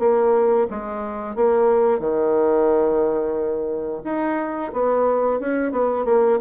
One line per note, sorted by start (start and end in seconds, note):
0.00 0.67 A#3
0.71 1.36 G#3
1.36 2.00 A#3
2.00 4.02 D#3
4.05 4.72 D#4
4.73 5.40 B3
5.40 5.72 C#4
5.72 6.06 B3
6.06 6.39 A#3